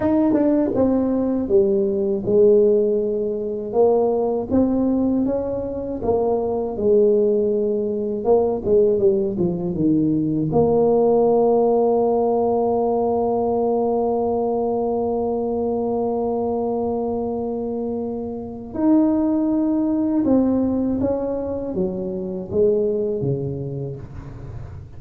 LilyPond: \new Staff \with { instrumentName = "tuba" } { \time 4/4 \tempo 4 = 80 dis'8 d'8 c'4 g4 gis4~ | gis4 ais4 c'4 cis'4 | ais4 gis2 ais8 gis8 | g8 f8 dis4 ais2~ |
ais1~ | ais1~ | ais4 dis'2 c'4 | cis'4 fis4 gis4 cis4 | }